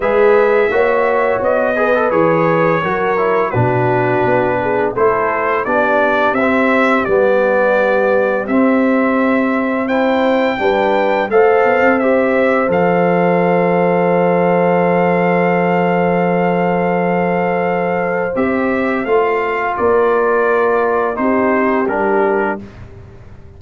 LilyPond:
<<
  \new Staff \with { instrumentName = "trumpet" } { \time 4/4 \tempo 4 = 85 e''2 dis''4 cis''4~ | cis''4 b'2 c''4 | d''4 e''4 d''2 | e''2 g''2 |
f''4 e''4 f''2~ | f''1~ | f''2 e''4 f''4 | d''2 c''4 ais'4 | }
  \new Staff \with { instrumentName = "horn" } { \time 4/4 b'4 cis''4. b'4. | ais'4 fis'4. gis'8 a'4 | g'1~ | g'2 c''4 b'4 |
c''1~ | c''1~ | c''1 | ais'2 g'2 | }
  \new Staff \with { instrumentName = "trombone" } { \time 4/4 gis'4 fis'4. gis'16 a'16 gis'4 | fis'8 e'8 d'2 e'4 | d'4 c'4 b2 | c'2 e'4 d'4 |
a'4 g'4 a'2~ | a'1~ | a'2 g'4 f'4~ | f'2 dis'4 d'4 | }
  \new Staff \with { instrumentName = "tuba" } { \time 4/4 gis4 ais4 b4 e4 | fis4 b,4 b4 a4 | b4 c'4 g2 | c'2. g4 |
a8 b16 c'4~ c'16 f2~ | f1~ | f2 c'4 a4 | ais2 c'4 g4 | }
>>